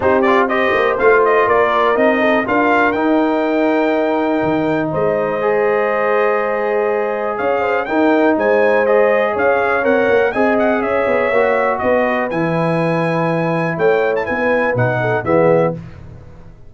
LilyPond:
<<
  \new Staff \with { instrumentName = "trumpet" } { \time 4/4 \tempo 4 = 122 c''8 d''8 dis''4 f''8 dis''8 d''4 | dis''4 f''4 g''2~ | g''2 dis''2~ | dis''2. f''4 |
g''4 gis''4 dis''4 f''4 | fis''4 gis''8 fis''8 e''2 | dis''4 gis''2. | g''8. a''16 gis''4 fis''4 e''4 | }
  \new Staff \with { instrumentName = "horn" } { \time 4/4 g'4 c''2 ais'4~ | ais'8 a'8 ais'2.~ | ais'2 c''2~ | c''2. cis''8 c''8 |
ais'4 c''2 cis''4~ | cis''4 dis''4 cis''2 | b'1 | cis''4 b'4. a'8 gis'4 | }
  \new Staff \with { instrumentName = "trombone" } { \time 4/4 dis'8 f'8 g'4 f'2 | dis'4 f'4 dis'2~ | dis'2. gis'4~ | gis'1 |
dis'2 gis'2 | ais'4 gis'2 fis'4~ | fis'4 e'2.~ | e'2 dis'4 b4 | }
  \new Staff \with { instrumentName = "tuba" } { \time 4/4 c'4. ais8 a4 ais4 | c'4 d'4 dis'2~ | dis'4 dis4 gis2~ | gis2. cis'4 |
dis'4 gis2 cis'4 | c'8 ais8 c'4 cis'8 b8 ais4 | b4 e2. | a4 b4 b,4 e4 | }
>>